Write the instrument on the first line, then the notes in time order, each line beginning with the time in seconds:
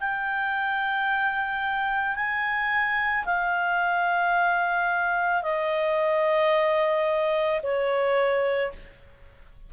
clarinet
0.00 G5
2.16 G#5
3.25 F5
5.42 D#5
7.63 C#5